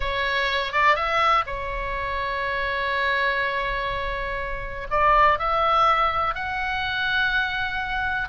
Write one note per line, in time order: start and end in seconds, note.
0.00 0.72 C#5
0.72 0.95 D5
0.95 1.44 E5
1.46 4.87 C#5
4.90 5.39 D5
5.39 6.34 E5
6.34 8.28 F#5